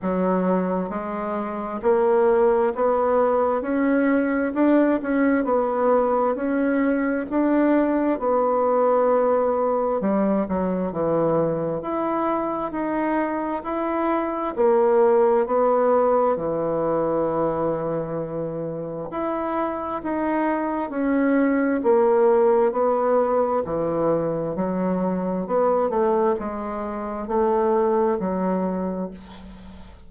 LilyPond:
\new Staff \with { instrumentName = "bassoon" } { \time 4/4 \tempo 4 = 66 fis4 gis4 ais4 b4 | cis'4 d'8 cis'8 b4 cis'4 | d'4 b2 g8 fis8 | e4 e'4 dis'4 e'4 |
ais4 b4 e2~ | e4 e'4 dis'4 cis'4 | ais4 b4 e4 fis4 | b8 a8 gis4 a4 fis4 | }